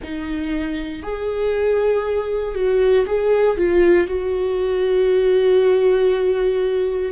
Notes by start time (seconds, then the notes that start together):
0.02 D#4
1.02 G#4
2.54 F#4
3.06 G#4
3.57 F4
4.07 F#4